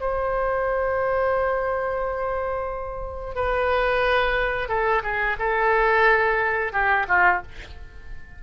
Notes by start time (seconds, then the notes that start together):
0.00 C5
3.35 B4
4.69 A4
5.03 G#4
5.39 A4
6.73 G4
7.08 F4